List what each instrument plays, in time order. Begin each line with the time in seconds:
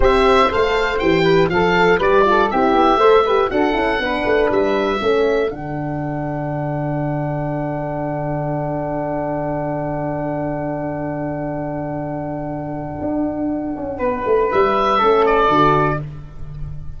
0.00 tuba C4, horn G4, flute C5, oboe E5
0.50 tuba A3, horn A4, oboe F5
0.98 tuba E3, horn G4, oboe G5
1.23 flute B4
1.49 tuba F3, horn A4, flute A4, oboe F5
1.98 tuba G3, horn G4, flute B4, oboe D5
2.25 horn F4, flute A4
2.50 tuba C4, horn E4, flute G4, oboe E5
2.73 tuba B3
2.96 tuba A3, horn A4, flute C5
3.24 horn G4, flute B4
3.50 tuba D4, horn F#4, flute A4, oboe F#5
3.73 tuba C#4, horn E4
3.99 tuba B3, horn D4, flute B4
4.25 tuba A3
4.51 tuba G3, oboe E5
4.99 tuba A3, horn C#4, flute A4
5.50 tuba D3, horn D4, oboe F#5
13.01 tuba D4
13.75 tuba C#4
13.98 tuba B3, flute B4
14.26 tuba A3
14.51 tuba G3, oboe E5
14.98 tuba A3, horn C#4, flute A4
15.25 oboe D5
15.48 tuba D3, horn F#4